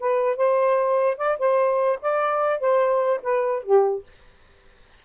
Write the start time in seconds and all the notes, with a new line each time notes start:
0.00 B4
0.37 C5
1.18 D5
1.39 C5
2.02 D5
2.60 C5
3.23 B4
3.63 G4